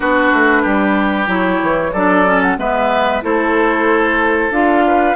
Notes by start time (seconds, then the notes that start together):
0.00 B3 D4 F#4 B4
0.32 A3
0.62 G3 G4
1.27 F#3 E4 C#5
1.62 E3
1.92 F#3 D4 A4 D5
2.25 C#4
2.42 F#5
2.57 G#3 B3 B4 E5
3.21 A3 E4 A4 C5
4.50 D4 F4 F5
4.86 B4